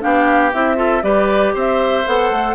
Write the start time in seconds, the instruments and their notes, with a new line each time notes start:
0.00 bassoon B3, clarinet D4, oboe G4, flute F5
0.52 bassoon C4, clarinet E4, flute E5
0.76 clarinet F4, oboe A4
1.02 bassoon G3, clarinet G4, oboe B4, flute D5
1.53 bassoon C4, oboe C5, flute E5
2.06 bassoon B3, clarinet A4, flute F#5
2.30 bassoon A3